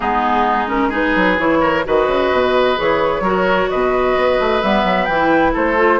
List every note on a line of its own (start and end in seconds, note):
0.00 1.15 G#3
0.00 0.67 B3
0.00 0.88 D#4
0.00 0.68 G#4
0.67 0.90 C#4
0.67 0.91 A#4
0.88 1.37 D#4
0.88 1.58 G#4
0.88 1.39 B4
1.15 1.38 F#3
1.38 1.84 E3
1.38 1.84 E4
1.38 1.85 C#5
1.60 1.83 A#4
1.84 2.07 D#3
1.84 2.76 F#4
1.84 3.23 B4
1.84 2.79 D#5
2.07 2.30 C#3
2.31 2.77 B2
2.76 3.20 E3
2.76 3.22 G#4
2.76 3.69 C#5
3.20 3.66 F#3
3.20 4.62 F#4
3.20 3.69 A#4
3.69 4.16 B2
3.69 5.53 B4
3.69 4.61 D#5
4.16 4.39 B3
4.39 4.62 A3
4.61 4.84 G3
4.61 5.08 B3
4.61 5.05 E5
4.84 5.07 F#3
5.05 5.53 E3
5.05 5.76 E4
5.05 5.51 G5
5.53 6.00 A3
5.53 5.99 A4
5.53 6.00 C5
5.76 5.99 F4